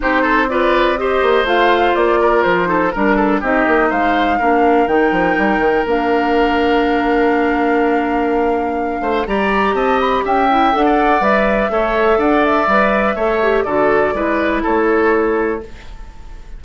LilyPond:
<<
  \new Staff \with { instrumentName = "flute" } { \time 4/4 \tempo 4 = 123 c''4 d''4 dis''4 f''4 | d''4 c''4 ais'4 dis''4 | f''2 g''2 | f''1~ |
f''2. ais''4 | a''8 b''8 g''4 fis''4 e''4~ | e''4 fis''8 e''2~ e''8 | d''2 cis''2 | }
  \new Staff \with { instrumentName = "oboe" } { \time 4/4 g'8 a'8 b'4 c''2~ | c''8 ais'4 a'8 ais'8 a'8 g'4 | c''4 ais'2.~ | ais'1~ |
ais'2~ ais'8 c''8 d''4 | dis''4 e''4~ e''16 d''4.~ d''16 | cis''4 d''2 cis''4 | a'4 b'4 a'2 | }
  \new Staff \with { instrumentName = "clarinet" } { \time 4/4 dis'4 f'4 g'4 f'4~ | f'4. dis'8 d'4 dis'4~ | dis'4 d'4 dis'2 | d'1~ |
d'2. g'4~ | g'4. e'8 a'4 b'4 | a'2 b'4 a'8 g'8 | fis'4 e'2. | }
  \new Staff \with { instrumentName = "bassoon" } { \time 4/4 c'2~ c'8 ais8 a4 | ais4 f4 g4 c'8 ais8 | gis4 ais4 dis8 f8 g8 dis8 | ais1~ |
ais2~ ais8 a8 g4 | c'4 cis'4 d'4 g4 | a4 d'4 g4 a4 | d4 gis4 a2 | }
>>